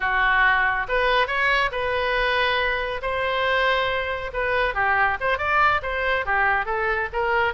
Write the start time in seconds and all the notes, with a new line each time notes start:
0.00 F#4
0.88 B4
1.27 C#5
1.71 B4
3.01 C5
4.33 B4
4.74 G4
5.20 C5
5.38 D5
5.82 C5
6.25 G4
6.65 A4
7.12 A#4